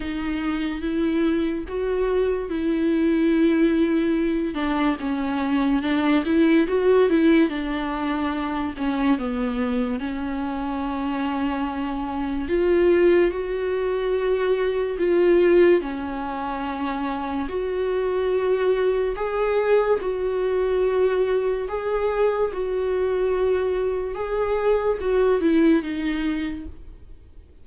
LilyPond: \new Staff \with { instrumentName = "viola" } { \time 4/4 \tempo 4 = 72 dis'4 e'4 fis'4 e'4~ | e'4. d'8 cis'4 d'8 e'8 | fis'8 e'8 d'4. cis'8 b4 | cis'2. f'4 |
fis'2 f'4 cis'4~ | cis'4 fis'2 gis'4 | fis'2 gis'4 fis'4~ | fis'4 gis'4 fis'8 e'8 dis'4 | }